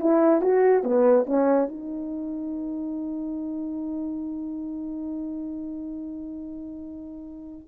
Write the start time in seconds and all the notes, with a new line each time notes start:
0.00 E4
0.41 F#4
0.83 B3
1.25 C#4
1.69 D#4